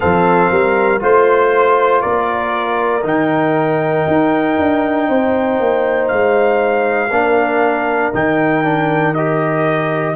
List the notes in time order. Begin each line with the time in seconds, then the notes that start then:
0.00 F3 C4 A4 F5
0.50 G3 A#4
1.00 A3 F4 C5
2.01 A#3 A#4 D5
3.02 D#3 D#4 G5
4.07 D#4
4.58 D4
5.08 C4 C5
5.60 A#3
6.08 G#3 F5
7.10 A#3 D4 A#4
8.13 D#3 D#4 G5
8.63 D4
9.14 G4 D#5